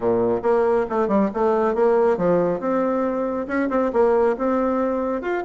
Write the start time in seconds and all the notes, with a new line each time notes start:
0.00 A#2
0.42 A#3
0.89 A3
1.08 G3
1.34 A3
1.74 A#3
2.17 F3
2.59 C4
3.47 C#4
3.69 C4
3.92 A#3
4.38 C4
5.21 F4